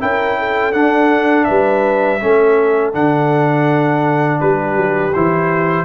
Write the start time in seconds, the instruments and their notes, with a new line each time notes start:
0.00 tuba C#4, trombone E4, horn A#4, trumpet G5
0.39 horn A4
0.73 trombone D4, tuba D4, trumpet F#5
1.44 tuba G3, horn B4, trumpet E5
2.20 tuba A3, trombone C#4, horn A4
2.93 tuba D3, trombone D4, trumpet F#5
4.41 tuba G3, horn G4, trumpet B4
4.75 tuba F#3
5.14 tuba E3, trombone E4, trumpet C5